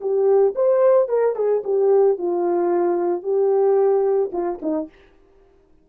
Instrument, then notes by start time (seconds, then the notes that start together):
horn
0.00 G4
0.55 C5
1.08 A#4
1.35 G#4
1.64 G4
2.18 F4
3.23 G4
4.32 F4
4.62 D#4